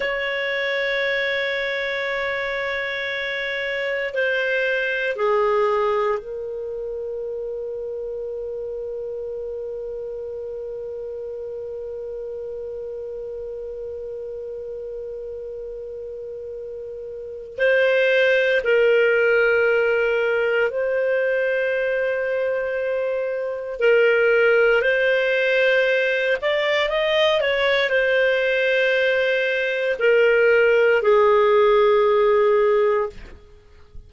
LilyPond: \new Staff \with { instrumentName = "clarinet" } { \time 4/4 \tempo 4 = 58 cis''1 | c''4 gis'4 ais'2~ | ais'1~ | ais'1~ |
ais'4 c''4 ais'2 | c''2. ais'4 | c''4. d''8 dis''8 cis''8 c''4~ | c''4 ais'4 gis'2 | }